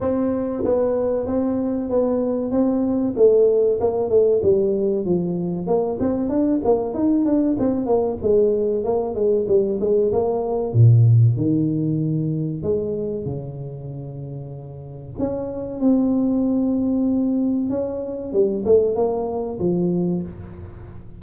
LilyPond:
\new Staff \with { instrumentName = "tuba" } { \time 4/4 \tempo 4 = 95 c'4 b4 c'4 b4 | c'4 a4 ais8 a8 g4 | f4 ais8 c'8 d'8 ais8 dis'8 d'8 | c'8 ais8 gis4 ais8 gis8 g8 gis8 |
ais4 ais,4 dis2 | gis4 cis2. | cis'4 c'2. | cis'4 g8 a8 ais4 f4 | }